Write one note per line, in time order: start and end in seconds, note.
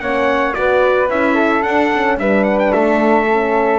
0.00 0.55 A#3
0.00 0.53 C#4
0.00 0.57 C#5
0.00 0.54 F#5
0.53 1.09 B3
0.53 1.08 F#4
0.53 1.34 B4
0.53 1.08 D5
1.09 1.63 C#4
1.09 1.62 E4
1.09 1.62 E5
1.34 2.16 A4
1.62 1.89 D4
1.62 2.17 D4
1.62 2.17 F#5
1.93 2.19 C#4
2.17 2.71 G3
2.17 3.28 D4
2.17 2.74 B4
2.17 2.44 E5
2.44 2.57 F#5
2.59 2.72 G5
2.72 3.79 A3
2.72 3.79 A4
2.72 3.79 E5
3.28 3.79 C#4